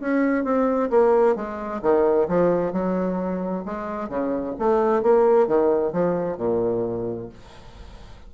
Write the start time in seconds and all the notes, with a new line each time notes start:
0.00 C#4
0.44 C4
0.90 A#3
1.35 G#3
1.82 D#3
2.28 F3
2.73 F#3
3.65 G#3
4.09 C#3
4.58 A3
5.02 A#3
5.47 D#3
5.92 F3
6.37 A#2